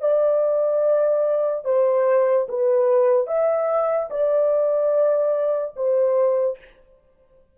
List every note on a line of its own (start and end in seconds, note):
0.00 1.64 D5
1.64 2.47 C5
2.48 3.27 B4
3.27 4.09 E5
4.10 5.74 D5
5.76 6.58 C5